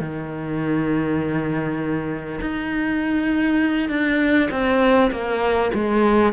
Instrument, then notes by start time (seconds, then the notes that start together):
cello
0.00 D#3
2.41 D#4
3.89 D4
4.50 C4
5.11 A#3
5.73 G#3